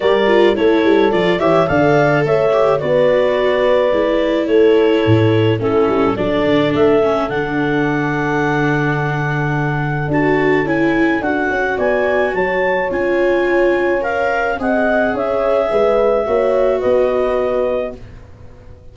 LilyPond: <<
  \new Staff \with { instrumentName = "clarinet" } { \time 4/4 \tempo 4 = 107 d''4 cis''4 d''8 e''8 f''4 | e''4 d''2. | cis''2 a'4 d''4 | e''4 fis''2.~ |
fis''2 a''4 gis''4 | fis''4 gis''4 a''4 gis''4~ | gis''4 f''4 fis''4 e''4~ | e''2 dis''2 | }
  \new Staff \with { instrumentName = "horn" } { \time 4/4 ais'4 a'4. cis''8 d''4 | cis''4 b'2. | a'2 e'4 a'4~ | a'1~ |
a'1~ | a'4 d''4 cis''2~ | cis''2 dis''4 cis''4 | b'4 cis''4 b'2 | }
  \new Staff \with { instrumentName = "viola" } { \time 4/4 g'8 f'8 e'4 f'8 g'8 a'4~ | a'8 g'8 fis'2 e'4~ | e'2 cis'4 d'4~ | d'8 cis'8 d'2.~ |
d'2 fis'4 e'4 | fis'2. f'4~ | f'4 ais'4 gis'2~ | gis'4 fis'2. | }
  \new Staff \with { instrumentName = "tuba" } { \time 4/4 g4 a8 g8 f8 e8 d4 | a4 b2 gis4 | a4 a,4 a8 g8 fis8 d8 | a4 d2.~ |
d2 d'4 cis'4 | d'8 cis'8 b4 fis4 cis'4~ | cis'2 c'4 cis'4 | gis4 ais4 b2 | }
>>